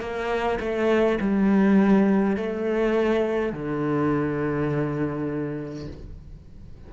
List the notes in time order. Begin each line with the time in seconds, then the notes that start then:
0.00 A#3
0.59 A3
1.20 G3
2.36 A3
3.52 D3